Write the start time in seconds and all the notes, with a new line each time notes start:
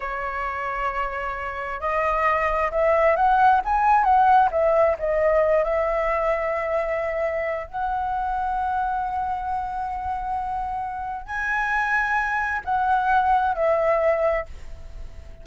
0.00 C#5
1.80 D#5
2.71 E5
3.16 F#5
3.64 G#5
4.04 F#5
4.51 E5
4.98 D#5
5.64 E5
7.67 F#5
11.26 G#5
12.65 F#5
13.55 E5